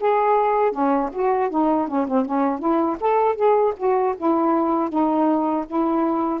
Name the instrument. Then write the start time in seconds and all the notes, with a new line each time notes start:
saxophone
0.00 G#4
0.71 C#4
1.12 F#4
1.49 D#4
1.87 C#4
2.07 C4
2.25 C#4
2.59 E4
3.00 A4
3.35 G#4
3.76 F#4
4.17 E4
4.89 D#4
5.66 E4